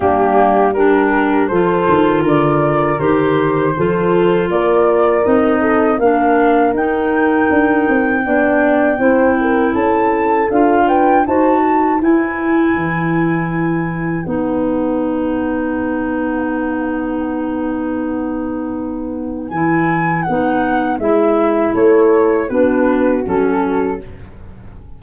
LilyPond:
<<
  \new Staff \with { instrumentName = "flute" } { \time 4/4 \tempo 4 = 80 g'4 ais'4 c''4 d''4 | c''2 d''4 dis''4 | f''4 g''2.~ | g''4 a''4 f''8 g''8 a''4 |
gis''2. fis''4~ | fis''1~ | fis''2 gis''4 fis''4 | e''4 cis''4 b'4 a'4 | }
  \new Staff \with { instrumentName = "horn" } { \time 4/4 d'4 g'4 a'4 ais'4~ | ais'4 a'4 ais'4. a'8 | ais'2. d''4 | c''8 ais'8 a'4. b'8 c''8 b'8~ |
b'1~ | b'1~ | b'1~ | b'4 a'4 fis'2 | }
  \new Staff \with { instrumentName = "clarinet" } { \time 4/4 ais4 d'4 f'2 | g'4 f'2 dis'4 | d'4 dis'2 d'4 | e'2 f'4 fis'4 |
e'2. dis'4~ | dis'1~ | dis'2 e'4 dis'4 | e'2 d'4 cis'4 | }
  \new Staff \with { instrumentName = "tuba" } { \time 4/4 g2 f8 dis8 d4 | dis4 f4 ais4 c'4 | ais4 dis'4 d'8 c'8 b4 | c'4 cis'4 d'4 dis'4 |
e'4 e2 b4~ | b1~ | b2 e4 b4 | gis4 a4 b4 fis4 | }
>>